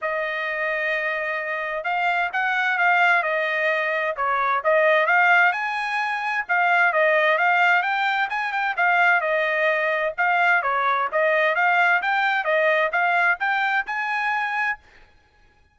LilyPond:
\new Staff \with { instrumentName = "trumpet" } { \time 4/4 \tempo 4 = 130 dis''1 | f''4 fis''4 f''4 dis''4~ | dis''4 cis''4 dis''4 f''4 | gis''2 f''4 dis''4 |
f''4 g''4 gis''8 g''8 f''4 | dis''2 f''4 cis''4 | dis''4 f''4 g''4 dis''4 | f''4 g''4 gis''2 | }